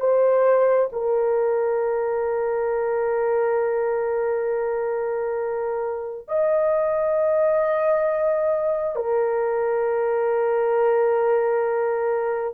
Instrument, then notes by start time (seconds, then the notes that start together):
horn
0.00 C5
0.92 A#4
6.28 D#5
8.96 A#4